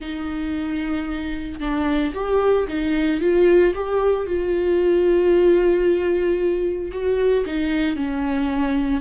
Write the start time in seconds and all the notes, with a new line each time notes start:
0.00 D#4
1.60 D4
2.14 G4
2.67 D#4
3.21 F4
3.74 G4
4.26 F4
6.91 F#4
7.45 D#4
7.95 C#4